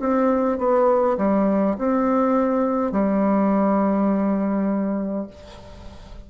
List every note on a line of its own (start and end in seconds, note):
0.00 0.58 C4
0.58 1.17 B3
1.18 1.76 G3
1.78 2.92 C4
2.92 5.27 G3